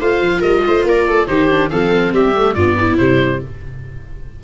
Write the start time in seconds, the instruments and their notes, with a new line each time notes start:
0.00 tuba A3, viola F4 C5, oboe F5
0.20 tuba F3
0.40 tuba G3, viola A#4, oboe D#5
0.67 tuba A3, viola C5
0.83 tuba A#3, viola A#4, oboe D5
1.08 viola A4
1.27 tuba D#3, viola D#4 G4, oboe C5
1.50 viola D4
1.70 tuba F3, viola C4 A4, oboe F5
2.12 tuba G3, viola G4, oboe E5
2.35 viola A3
2.54 tuba G2, viola B3 F4, oboe D5
2.79 viola E4
2.97 tuba C3, viola G3, oboe C5